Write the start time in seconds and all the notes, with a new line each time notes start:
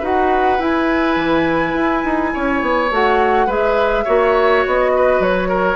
0.00 D#4 F#4 B4 F#5
0.59 E4 G#5
1.17 E3
1.74 E4
2.05 D#4
2.34 C#4 C#5
2.62 B3
2.91 A3 F#4 F#5
3.47 G#3 G#4 B4 E5
4.05 A#3 F#4 C#5
4.66 B3 D#5
4.97 B4
5.20 F#3 C#5
5.49 A#4